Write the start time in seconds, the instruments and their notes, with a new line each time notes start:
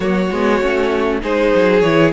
0.00 cello F#3, viola A#3, violin F#4 C#5
0.30 cello G#3, viola B3
0.61 cello A3, viola C#4
1.21 cello G#3, viola D#4, violin G#4 C5
1.55 cello F#3
1.80 cello E3, viola E4, violin C#5